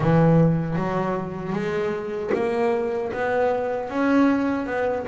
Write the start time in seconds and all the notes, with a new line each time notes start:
0.00 E3
0.76 F#3
1.53 G#3
2.34 A#3
3.12 B3
3.89 C#4
4.66 B3